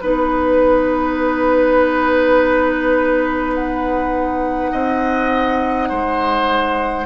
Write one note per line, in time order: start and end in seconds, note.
0.00 4.72 B3
0.00 7.06 D#4
0.00 3.53 B4
0.00 4.72 B4
3.54 7.06 F#5
4.72 5.90 C4
4.72 5.89 D#5
5.89 7.06 G#3
5.89 7.06 C5